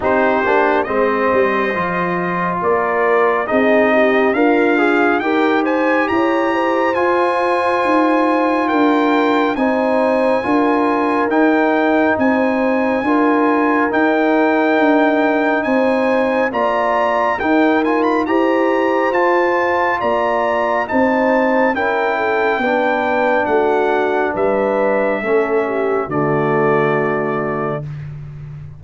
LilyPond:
<<
  \new Staff \with { instrumentName = "trumpet" } { \time 4/4 \tempo 4 = 69 c''4 dis''2 d''4 | dis''4 f''4 g''8 gis''8 ais''4 | gis''2 g''4 gis''4~ | gis''4 g''4 gis''2 |
g''2 gis''4 ais''4 | g''8 gis''16 b''16 ais''4 a''4 ais''4 | a''4 g''2 fis''4 | e''2 d''2 | }
  \new Staff \with { instrumentName = "horn" } { \time 4/4 g'4 c''2 ais'4 | gis'8 g'8 f'4 ais'8 c''8 cis''8 c''8~ | c''2 ais'4 c''4 | ais'2 c''4 ais'4~ |
ais'2 c''4 d''4 | ais'4 c''2 d''4 | c''4 ais'8 a'8 b'4 fis'4 | b'4 a'8 g'8 fis'2 | }
  \new Staff \with { instrumentName = "trombone" } { \time 4/4 dis'8 d'8 c'4 f'2 | dis'4 ais'8 gis'8 g'2 | f'2. dis'4 | f'4 dis'2 f'4 |
dis'2. f'4 | dis'8 f'8 g'4 f'2 | dis'4 e'4 d'2~ | d'4 cis'4 a2 | }
  \new Staff \with { instrumentName = "tuba" } { \time 4/4 c'8 ais8 gis8 g8 f4 ais4 | c'4 d'4 dis'4 e'4 | f'4 dis'4 d'4 c'4 | d'4 dis'4 c'4 d'4 |
dis'4 d'4 c'4 ais4 | dis'4 e'4 f'4 ais4 | c'4 cis'4 b4 a4 | g4 a4 d2 | }
>>